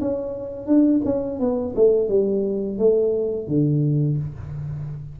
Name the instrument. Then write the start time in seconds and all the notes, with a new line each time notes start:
tuba
0.00 C#4
0.66 D4
1.04 C#4
1.39 B3
1.75 A3
2.09 G3
2.78 A3
3.47 D3